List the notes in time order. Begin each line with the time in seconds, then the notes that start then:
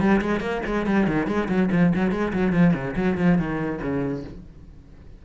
0.00 G3
0.22 G#3
0.40 A#3
0.66 G#3
0.86 G3
1.07 D#3
1.27 G#3
1.48 F#3
1.72 F3
1.95 F#3
2.11 G#3
2.33 F#3
2.53 F3
2.74 C#3
2.96 F#3
3.17 F3
3.38 D#3
3.82 C#3